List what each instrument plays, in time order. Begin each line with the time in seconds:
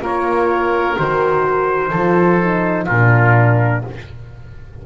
0.00 double bass A#3, horn F4, oboe A#4, trumpet C#5
0.95 double bass D#3, horn F#4, trumpet C5
1.90 double bass F3, horn F4, oboe A4
2.41 horn D#4
2.84 double bass A#2, oboe F4, trumpet A#4
2.91 horn D4